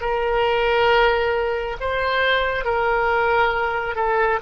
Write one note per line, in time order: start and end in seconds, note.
0.00 1.76 A#4
1.80 2.64 C5
2.64 3.95 A#4
3.95 4.39 A4